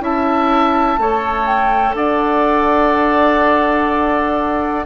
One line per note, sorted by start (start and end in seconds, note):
0.00 0.97 C#4
0.00 0.97 E4
0.00 1.00 E5
0.00 1.46 A5
0.98 1.94 A3
0.98 4.86 A4
0.98 1.96 C#5
1.46 1.95 G5
1.94 4.84 D4
1.94 4.86 D5
1.94 4.86 F#5